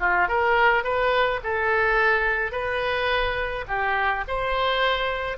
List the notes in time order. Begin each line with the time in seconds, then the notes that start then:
0.00 F4
0.28 A#4
0.84 B4
1.44 A4
2.52 B4
3.68 G4
4.28 C5